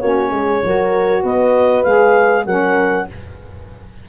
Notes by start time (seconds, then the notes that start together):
0.00 A#3 C#4 F#4 C#5
0.31 G#3 G#4
0.63 F#3 F#4 A#4
1.23 B3 B4 D#5
1.83 G#3 G#4 F5
2.46 F#3 C#4 A#4 F#5